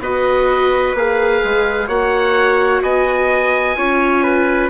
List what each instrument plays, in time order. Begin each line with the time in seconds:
0.00 bassoon B3, viola F#4, trumpet B4, oboe D#5
0.94 bassoon A#3, viola G#4, oboe F5
1.44 bassoon G#3
1.88 bassoon A#3, viola F#4, trumpet C#5, oboe F#5
2.82 bassoon B3, trumpet D#5, oboe G#5
3.76 bassoon C#4, viola F4, trumpet C#5
4.23 trumpet B4